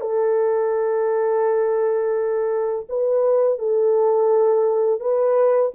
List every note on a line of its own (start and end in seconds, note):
0.00 2.86 A4
2.89 3.58 B4
3.58 5.00 A4
5.00 5.71 B4